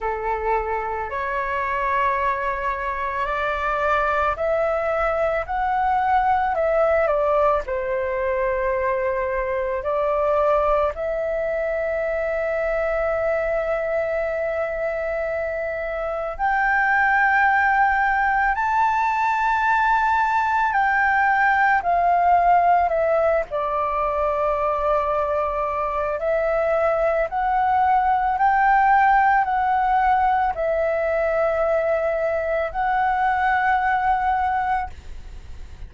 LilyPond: \new Staff \with { instrumentName = "flute" } { \time 4/4 \tempo 4 = 55 a'4 cis''2 d''4 | e''4 fis''4 e''8 d''8 c''4~ | c''4 d''4 e''2~ | e''2. g''4~ |
g''4 a''2 g''4 | f''4 e''8 d''2~ d''8 | e''4 fis''4 g''4 fis''4 | e''2 fis''2 | }